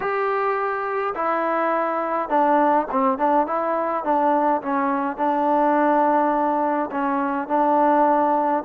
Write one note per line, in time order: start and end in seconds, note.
0.00 1.14 G4
1.15 2.29 E4
2.29 2.87 D4
2.91 3.18 C4
3.18 3.46 D4
3.46 4.04 E4
4.04 4.61 D4
4.62 5.17 C#4
5.17 6.90 D4
6.91 7.48 C#4
7.48 8.63 D4